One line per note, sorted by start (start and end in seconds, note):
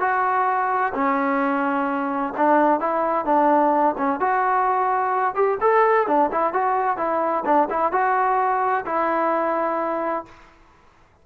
0.00 0.93 F#4
0.94 2.34 C#4
2.37 2.80 D4
2.80 3.25 E4
3.25 3.95 D4
3.98 4.20 C#4
4.20 5.35 F#4
5.35 5.58 G4
5.61 6.07 A4
6.07 6.30 D4
6.32 6.53 E4
6.53 6.97 F#4
6.97 7.44 E4
7.45 7.68 D4
7.70 7.92 E4
7.92 8.85 F#4
8.86 10.25 E4